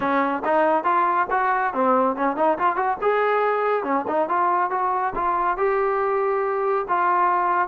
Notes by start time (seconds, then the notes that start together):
0.00 C#4
0.44 D#4
0.84 F4
1.30 F#4
1.73 C4
2.16 C#4
2.36 D#4
2.58 F4
2.75 F#4
3.01 G#4
3.83 C#4
4.07 D#4
4.28 F4
4.70 F#4
5.15 F4
5.57 G4
6.88 F4